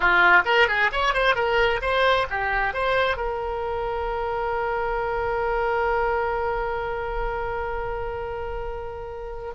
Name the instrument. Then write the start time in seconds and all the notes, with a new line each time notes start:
oboe
0.00 F4
0.45 A#4
0.68 G#4
0.92 C#5
1.13 C5
1.35 A#4
1.81 C5
2.30 G4
2.73 C5
3.16 A#4